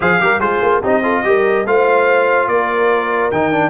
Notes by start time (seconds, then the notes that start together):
0.00 F3 G#4 C5 F5
0.20 G3 G4 A#4
0.38 G#3 F4 G#4 C5
0.62 A#3
0.81 C4 D#4 G4 D#5
1.02 F4 A4
1.23 G3 G4 A#4
1.65 A3 F4 C5 F5
2.47 A#3 A#4 D5
3.31 D#3 D#4 G5
3.52 D4